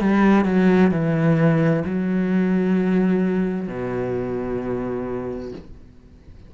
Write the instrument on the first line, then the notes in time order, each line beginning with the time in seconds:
cello
0.00 G3
0.45 F#3
0.91 E3
1.85 F#3
3.68 B2